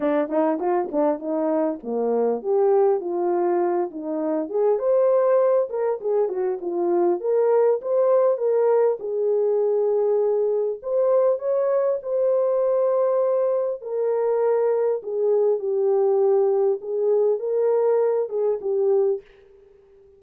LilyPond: \new Staff \with { instrumentName = "horn" } { \time 4/4 \tempo 4 = 100 d'8 dis'8 f'8 d'8 dis'4 ais4 | g'4 f'4. dis'4 gis'8 | c''4. ais'8 gis'8 fis'8 f'4 | ais'4 c''4 ais'4 gis'4~ |
gis'2 c''4 cis''4 | c''2. ais'4~ | ais'4 gis'4 g'2 | gis'4 ais'4. gis'8 g'4 | }